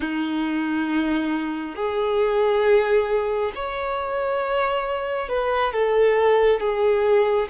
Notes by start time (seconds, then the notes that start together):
0.00 D#4
1.75 G#4
3.55 C#5
5.29 B4
5.72 A4
6.60 G#4